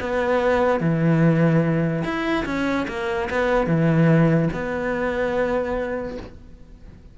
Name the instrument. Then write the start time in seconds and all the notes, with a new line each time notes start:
cello
0.00 B3
0.80 E3
2.04 E4
2.45 C#4
2.88 A#3
3.30 B3
3.67 E3
4.53 B3